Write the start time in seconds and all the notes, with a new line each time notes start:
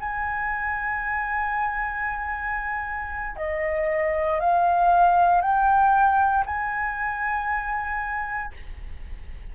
0.00 G#5
3.36 D#5
4.40 F5
5.41 G5
6.46 G#5